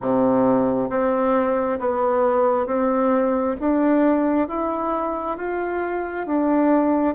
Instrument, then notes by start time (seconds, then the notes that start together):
bassoon
0.01 C3
0.90 C4
1.79 B3
2.66 C4
3.59 D4
4.48 E4
5.37 F4
6.26 D4